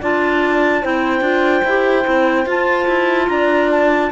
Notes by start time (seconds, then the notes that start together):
0.00 D4 F4 D5 A5
0.82 C4 E4 C5 G5
1.21 D4 F4
1.65 E4 G4
2.03 C4 E4
2.46 F4 A5
2.87 E4
3.28 D4 D5 A#5
3.70 A5